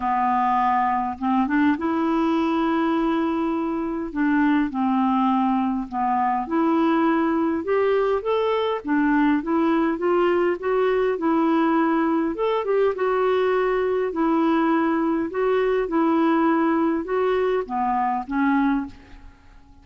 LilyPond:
\new Staff \with { instrumentName = "clarinet" } { \time 4/4 \tempo 4 = 102 b2 c'8 d'8 e'4~ | e'2. d'4 | c'2 b4 e'4~ | e'4 g'4 a'4 d'4 |
e'4 f'4 fis'4 e'4~ | e'4 a'8 g'8 fis'2 | e'2 fis'4 e'4~ | e'4 fis'4 b4 cis'4 | }